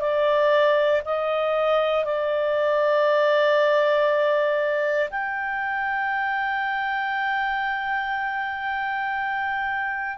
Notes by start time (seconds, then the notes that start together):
0.00 D5
1.05 D#5
2.04 D5
5.10 G5